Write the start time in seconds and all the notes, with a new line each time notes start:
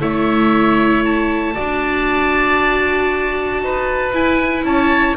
0.00 A3 E4 C#5 E5
1.05 A5
1.54 D4 F#4 D5
3.61 D#4 B4
4.13 E4 G#5
4.64 C#4 C#5 A5